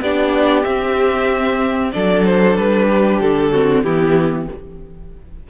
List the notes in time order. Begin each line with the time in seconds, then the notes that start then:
0.00 B3 D4 G4 D5
0.64 C4 E5
1.92 F#3 D4 A4 D5
2.25 C5
2.56 G3 B4
2.89 G4
3.20 D3 A4
3.52 C4 F#4
3.82 E3 B3 E4 G4